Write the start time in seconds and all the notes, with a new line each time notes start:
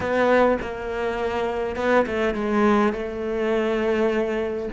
0.00 B3
0.61 A#3
1.76 B3
2.06 A3
2.34 G#3
2.93 A3